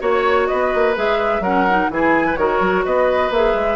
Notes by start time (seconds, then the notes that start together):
0.00 A#3 F#4 C#5
0.48 B3 B4 D#5
0.75 A#3
0.95 G#3 G#4 E5
1.40 F#3 C#4 A#4 F#5
1.70 D#4
1.90 E3 E4 G#4 G#5
2.27 B4
2.37 D#3 F#4 A#4 C#5
2.61 F#3
2.86 B3 B4 D#5
3.31 A#3 G#4 E5
3.55 G#3